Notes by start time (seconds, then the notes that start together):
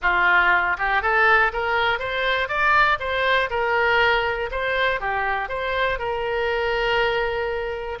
0.02 F4
0.77 G4
1.02 A4
1.52 A#4
1.99 C5
2.48 D5
2.99 C5
3.50 A#4
4.51 C5
5.00 G4
5.48 C5
5.98 A#4